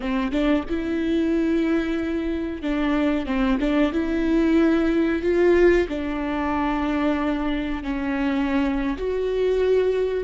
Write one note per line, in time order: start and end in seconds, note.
0.00 0.31 C4
0.31 0.64 D4
0.69 2.62 E4
2.62 3.25 D4
3.25 3.58 C4
3.60 3.92 D4
3.92 5.22 E4
5.22 5.87 F4
5.88 7.83 D4
7.83 8.97 C#4
8.97 10.24 F#4